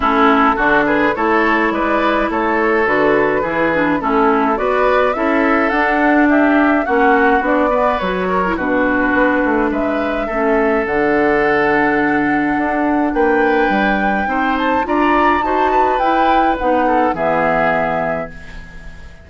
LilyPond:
<<
  \new Staff \with { instrumentName = "flute" } { \time 4/4 \tempo 4 = 105 a'4. b'8 cis''4 d''4 | cis''4 b'2 a'4 | d''4 e''4 fis''4 e''4 | fis''4 d''4 cis''4 b'4~ |
b'4 e''2 fis''4~ | fis''2. g''4~ | g''4. a''8 ais''4 a''4 | g''4 fis''4 e''2 | }
  \new Staff \with { instrumentName = "oboe" } { \time 4/4 e'4 fis'8 gis'8 a'4 b'4 | a'2 gis'4 e'4 | b'4 a'2 g'4 | fis'4. b'4 ais'8 fis'4~ |
fis'4 b'4 a'2~ | a'2. b'4~ | b'4 c''4 d''4 c''8 b'8~ | b'4. a'8 gis'2 | }
  \new Staff \with { instrumentName = "clarinet" } { \time 4/4 cis'4 d'4 e'2~ | e'4 fis'4 e'8 d'8 cis'4 | fis'4 e'4 d'2 | cis'4 d'8 b8 fis'8. e'16 d'4~ |
d'2 cis'4 d'4~ | d'1~ | d'4 dis'4 f'4 fis'4 | e'4 dis'4 b2 | }
  \new Staff \with { instrumentName = "bassoon" } { \time 4/4 a4 d4 a4 gis4 | a4 d4 e4 a4 | b4 cis'4 d'2 | ais4 b4 fis4 b,4 |
b8 a8 gis4 a4 d4~ | d2 d'4 ais4 | g4 c'4 d'4 dis'4 | e'4 b4 e2 | }
>>